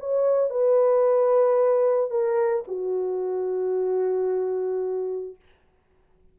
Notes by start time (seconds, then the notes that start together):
0.00 C#5
0.51 B4
2.11 A#4
2.68 F#4